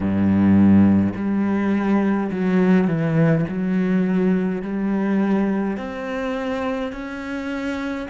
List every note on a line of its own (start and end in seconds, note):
0.00 1.12 G2
1.15 2.31 G3
2.31 2.87 F#3
2.87 3.45 E3
3.48 4.62 F#3
4.62 5.77 G3
5.77 6.92 C4
6.92 8.07 C#4